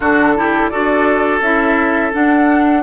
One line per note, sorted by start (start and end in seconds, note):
0.00 0.68 D3
0.00 0.36 D4
0.00 0.34 F#4
0.00 0.69 A4
0.36 0.71 E4
0.36 0.70 G4
0.69 1.41 D4
0.69 1.42 F#4
0.69 2.82 A4
0.69 1.39 D5
1.41 2.11 C#4
1.41 2.12 E4
1.41 2.12 E5
2.12 2.82 D4
2.12 2.82 F#5